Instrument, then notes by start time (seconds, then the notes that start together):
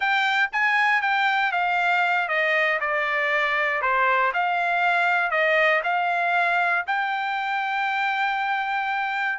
trumpet
0.00 G5
0.52 G#5
1.01 G5
1.52 F5
2.28 D#5
2.80 D5
3.81 C5
4.33 F5
5.30 D#5
5.83 F5
6.86 G5